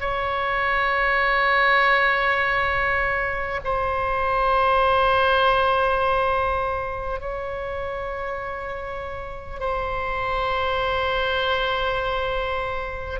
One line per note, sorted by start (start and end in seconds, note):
0.00 3.60 C#5
3.64 7.20 C5
7.20 9.59 C#5
9.59 13.19 C5